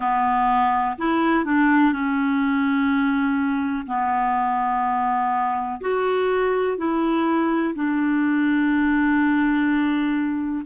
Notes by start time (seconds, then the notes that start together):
0.00 B3
0.98 E4
1.45 D4
1.92 C#4
3.87 B3
5.80 F#4
6.77 E4
7.74 D4